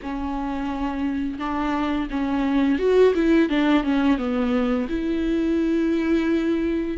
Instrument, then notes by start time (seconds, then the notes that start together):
viola
0.02 C#4
1.38 D4
2.10 C#4
2.78 F#4
3.14 E4
3.49 D4
3.83 C#4
4.18 B3
4.88 E4